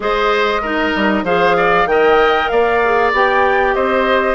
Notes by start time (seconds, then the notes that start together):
0.00 G#3 G#4 C5 D#5
0.61 D#4 A#4
0.95 G3
1.23 F3 G#4 C5 F5
1.57 D5
1.86 D#3 A#4 D#5 G5
2.48 A#3 D5 F5
2.83 G#4
3.12 B3 G4 G5
3.74 C4 C5 D#5